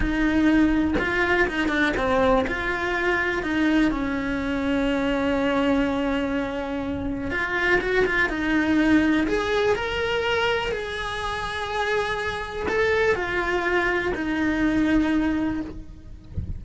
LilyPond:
\new Staff \with { instrumentName = "cello" } { \time 4/4 \tempo 4 = 123 dis'2 f'4 dis'8 d'8 | c'4 f'2 dis'4 | cis'1~ | cis'2. f'4 |
fis'8 f'8 dis'2 gis'4 | ais'2 gis'2~ | gis'2 a'4 f'4~ | f'4 dis'2. | }